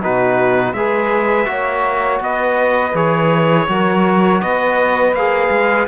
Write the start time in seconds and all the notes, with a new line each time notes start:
0.00 B2 D#4 F#4 B4
0.73 G#3 G#4 B4 E5
1.46 A#3 F#4 C#5
2.20 B3 B4 D#5
2.94 E3 G#4 C#5
3.68 F#3 F#4 A#4
4.41 B3 B4 D#5
5.13 A#3 G#4 F5
5.50 G#3